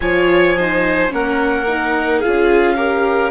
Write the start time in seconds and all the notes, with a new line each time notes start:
0.00 F3 F4 C#5 G#5
0.57 D#4 C5
1.08 A#3 C#4 A#4 F#5
1.67 D#4
2.19 F4 G#4 F5
2.26 C#4
2.76 G4 A#4